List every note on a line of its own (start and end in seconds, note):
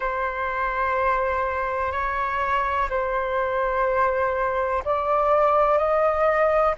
0.00 1.92 C5
1.92 2.89 C#5
2.89 4.83 C5
4.84 5.78 D5
5.78 6.74 D#5